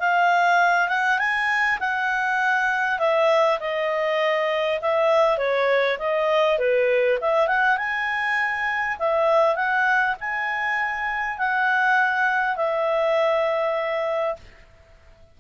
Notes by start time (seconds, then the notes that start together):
0.00 F5
0.89 F#5
1.19 G#5
1.80 F#5
2.99 E5
3.60 D#5
4.82 E5
5.38 C#5
5.99 D#5
6.59 B4
7.21 E5
7.48 F#5
7.78 G#5
8.99 E5
9.56 F#5
10.21 G#5
11.39 F#5
12.57 E5